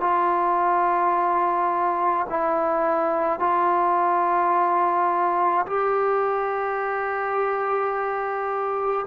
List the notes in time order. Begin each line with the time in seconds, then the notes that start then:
0.00 F4
2.30 E4
3.40 F4
5.67 G4